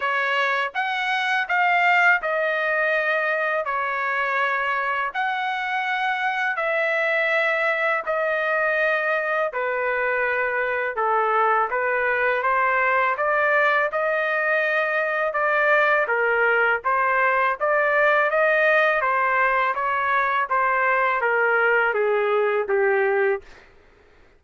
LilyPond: \new Staff \with { instrumentName = "trumpet" } { \time 4/4 \tempo 4 = 82 cis''4 fis''4 f''4 dis''4~ | dis''4 cis''2 fis''4~ | fis''4 e''2 dis''4~ | dis''4 b'2 a'4 |
b'4 c''4 d''4 dis''4~ | dis''4 d''4 ais'4 c''4 | d''4 dis''4 c''4 cis''4 | c''4 ais'4 gis'4 g'4 | }